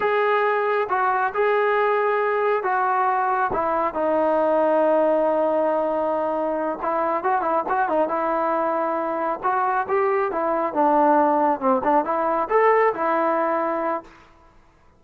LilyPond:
\new Staff \with { instrumentName = "trombone" } { \time 4/4 \tempo 4 = 137 gis'2 fis'4 gis'4~ | gis'2 fis'2 | e'4 dis'2.~ | dis'2.~ dis'8 e'8~ |
e'8 fis'8 e'8 fis'8 dis'8 e'4.~ | e'4. fis'4 g'4 e'8~ | e'8 d'2 c'8 d'8 e'8~ | e'8 a'4 e'2~ e'8 | }